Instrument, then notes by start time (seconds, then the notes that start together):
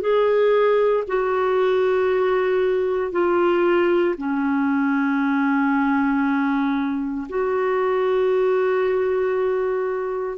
clarinet
0.00 G#4
1.07 F#4
3.11 F4
4.17 C#4
7.28 F#4